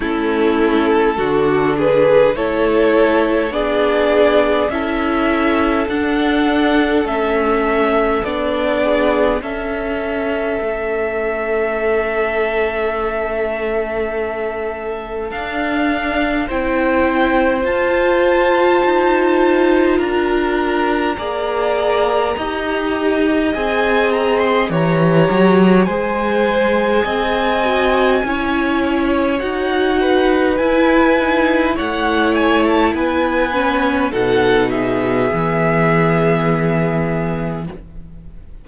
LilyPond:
<<
  \new Staff \with { instrumentName = "violin" } { \time 4/4 \tempo 4 = 51 a'4. b'8 cis''4 d''4 | e''4 fis''4 e''4 d''4 | e''1~ | e''4 f''4 g''4 a''4~ |
a''4 ais''2. | gis''8 ais''16 c'''16 ais''4 gis''2~ | gis''4 fis''4 gis''4 fis''8 gis''16 a''16 | gis''4 fis''8 e''2~ e''8 | }
  \new Staff \with { instrumentName = "violin" } { \time 4/4 e'4 fis'8 gis'8 a'4 gis'4 | a'2.~ a'8 gis'8 | a'1~ | a'2 c''2~ |
c''4 ais'4 d''4 dis''4~ | dis''4 cis''4 c''4 dis''4 | cis''4. b'4. cis''4 | b'4 a'8 gis'2~ gis'8 | }
  \new Staff \with { instrumentName = "viola" } { \time 4/4 cis'4 d'4 e'4 d'4 | e'4 d'4 cis'4 d'4 | cis'1~ | cis'4 d'4 e'4 f'4~ |
f'2 gis'4 g'4 | gis'4 g'4 gis'4. fis'8 | e'4 fis'4 e'8 dis'8 e'4~ | e'8 cis'8 dis'4 b2 | }
  \new Staff \with { instrumentName = "cello" } { \time 4/4 a4 d4 a4 b4 | cis'4 d'4 a4 b4 | cis'4 a2.~ | a4 d'4 c'4 f'4 |
dis'4 d'4 ais4 dis'4 | c'4 e8 fis8 gis4 c'4 | cis'4 dis'4 e'4 a4 | b4 b,4 e2 | }
>>